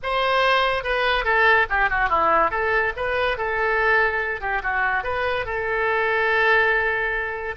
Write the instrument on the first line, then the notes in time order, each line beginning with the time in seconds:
oboe
0.02 C5
0.83 B4
1.24 A4
1.69 G4
1.89 F#4
2.09 E4
2.50 A4
2.96 B4
3.37 A4
4.41 G4
4.62 F#4
5.03 B4
5.45 A4